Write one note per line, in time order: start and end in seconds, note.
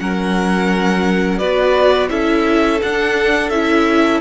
0.00 1.41 F#3
0.00 1.41 C#4
0.00 1.39 A#4
0.00 1.39 F#5
1.39 2.11 B3
1.39 2.09 F#4
1.39 2.10 B4
1.39 2.09 D5
2.09 2.81 C#4
2.09 2.80 E4
2.09 4.22 A4
2.09 2.81 E5
2.82 3.50 D4
2.82 3.52 D4
2.82 3.50 F#5
3.50 4.21 C#4
3.50 4.22 E4
3.50 4.21 E5